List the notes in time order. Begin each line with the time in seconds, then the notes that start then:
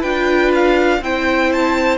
0.00 D4 F4 B4 G5
0.55 F5
1.01 C4 E4 C5 G5
1.53 A5